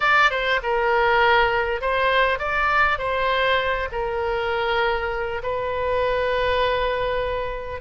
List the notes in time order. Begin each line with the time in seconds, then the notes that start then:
0.00 D5
0.30 C5
0.62 A#4
1.81 C5
2.38 D5
2.98 C5
3.92 A#4
5.42 B4